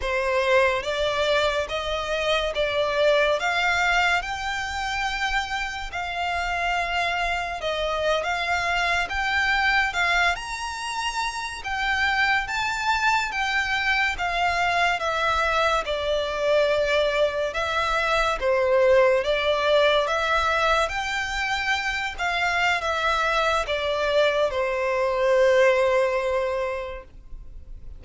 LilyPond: \new Staff \with { instrumentName = "violin" } { \time 4/4 \tempo 4 = 71 c''4 d''4 dis''4 d''4 | f''4 g''2 f''4~ | f''4 dis''8. f''4 g''4 f''16~ | f''16 ais''4. g''4 a''4 g''16~ |
g''8. f''4 e''4 d''4~ d''16~ | d''8. e''4 c''4 d''4 e''16~ | e''8. g''4. f''8. e''4 | d''4 c''2. | }